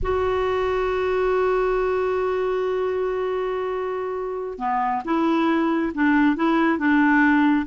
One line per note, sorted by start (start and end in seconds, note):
0.02 4.58 F#4
4.58 5.02 B3
5.05 5.92 E4
5.94 6.36 D4
6.36 6.78 E4
6.78 7.65 D4